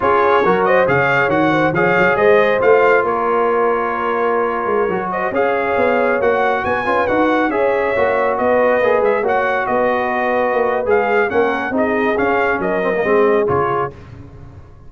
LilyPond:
<<
  \new Staff \with { instrumentName = "trumpet" } { \time 4/4 \tempo 4 = 138 cis''4. dis''8 f''4 fis''4 | f''4 dis''4 f''4 cis''4~ | cis''2.~ cis''8. dis''16~ | dis''16 f''2 fis''4 gis''8.~ |
gis''16 fis''4 e''2 dis''8.~ | dis''8. e''8 fis''4 dis''4.~ dis''16~ | dis''4 f''4 fis''4 dis''4 | f''4 dis''2 cis''4 | }
  \new Staff \with { instrumentName = "horn" } { \time 4/4 gis'4 ais'8 c''8 cis''4. c''8 | cis''4 c''2 ais'4~ | ais'2.~ ais'8. c''16~ | c''16 cis''2. b'8.~ |
b'4~ b'16 cis''2 b'8.~ | b'4~ b'16 cis''4 b'4.~ b'16~ | b'2 ais'4 gis'4~ | gis'4 ais'4 gis'2 | }
  \new Staff \with { instrumentName = "trombone" } { \time 4/4 f'4 fis'4 gis'4 fis'4 | gis'2 f'2~ | f'2.~ f'16 fis'8.~ | fis'16 gis'2 fis'4. f'16~ |
f'16 fis'4 gis'4 fis'4.~ fis'16~ | fis'16 gis'4 fis'2~ fis'8.~ | fis'4 gis'4 cis'4 dis'4 | cis'4. c'16 ais16 c'4 f'4 | }
  \new Staff \with { instrumentName = "tuba" } { \time 4/4 cis'4 fis4 cis4 dis4 | f8 fis8 gis4 a4 ais4~ | ais2~ ais8. gis8 fis8.~ | fis16 cis'4 b4 ais4 b8 cis'16~ |
cis'16 dis'4 cis'4 ais4 b8.~ | b16 ais8 gis8 ais4 b4.~ b16~ | b16 ais8. gis4 ais4 c'4 | cis'4 fis4 gis4 cis4 | }
>>